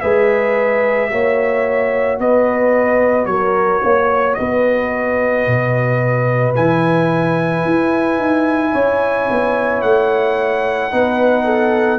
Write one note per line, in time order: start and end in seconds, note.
0.00 1.11 G#3
0.00 1.10 G#4
0.00 1.11 B4
0.00 2.18 E5
1.10 2.19 A#3
1.10 6.55 F#4
1.10 2.20 C#5
2.19 3.25 B3
2.19 3.29 B4
2.19 3.26 D#5
3.25 3.80 F#3
3.25 3.83 A#4
3.25 4.34 C#5
3.83 4.38 A#3
3.83 4.37 C#5
4.34 5.46 B3
4.34 8.72 B4
4.34 6.52 D#5
5.46 6.55 B2
6.55 7.65 E3
6.55 10.91 E4
6.55 9.82 G#5
7.65 8.18 E4
8.18 8.72 D#4
8.72 9.29 C#4
8.72 10.91 C#5
9.30 9.82 B3
9.82 10.92 A3
9.82 11.98 F#5
10.91 11.98 B3
10.91 11.98 D#4
10.91 11.45 B4
11.45 11.98 A4